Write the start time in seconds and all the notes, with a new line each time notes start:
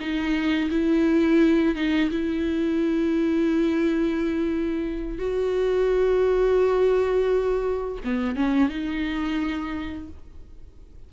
0.00 D#4
0.71 E4
1.75 D#4
2.10 E4
5.18 F#4
8.04 B3
8.36 C#4
8.69 D#4